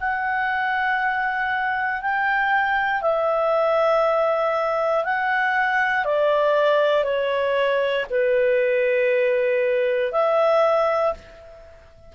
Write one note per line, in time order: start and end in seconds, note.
0.00 2.02 F#5
2.02 3.01 G5
3.01 5.04 E5
5.04 6.05 F#5
6.05 7.04 D5
7.04 8.05 C#5
8.10 10.12 B4
10.12 11.14 E5